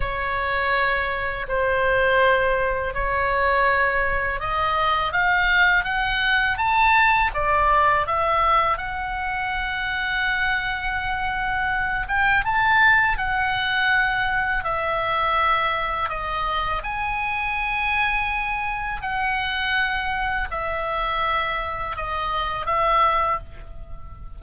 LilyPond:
\new Staff \with { instrumentName = "oboe" } { \time 4/4 \tempo 4 = 82 cis''2 c''2 | cis''2 dis''4 f''4 | fis''4 a''4 d''4 e''4 | fis''1~ |
fis''8 g''8 a''4 fis''2 | e''2 dis''4 gis''4~ | gis''2 fis''2 | e''2 dis''4 e''4 | }